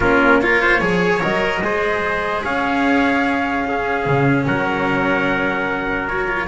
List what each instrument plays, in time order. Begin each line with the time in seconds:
0.00 double bass A#3, cello C#4, trumpet F4 A#4
0.40 cello F4, trumpet A#4 C#5
0.61 trumpet C5
0.80 double bass F3, cello G#4, trumpet C#5
1.20 double bass F#3, cello A#4, trumpet D#5
1.61 double bass G#3, cello G#4, trumpet C5
2.43 double bass C#4, trumpet C#5 F5
3.65 cello C#4, trumpet G#4
4.05 double bass C#3
4.46 double bass F#3, trumpet A#4 F#5
6.08 cello F#4, trumpet C#5
6.28 cello F4